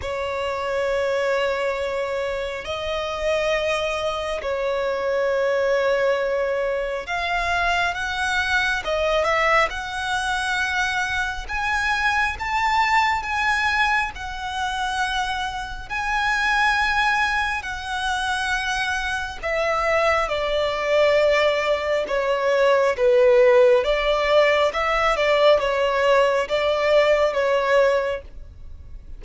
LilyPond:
\new Staff \with { instrumentName = "violin" } { \time 4/4 \tempo 4 = 68 cis''2. dis''4~ | dis''4 cis''2. | f''4 fis''4 dis''8 e''8 fis''4~ | fis''4 gis''4 a''4 gis''4 |
fis''2 gis''2 | fis''2 e''4 d''4~ | d''4 cis''4 b'4 d''4 | e''8 d''8 cis''4 d''4 cis''4 | }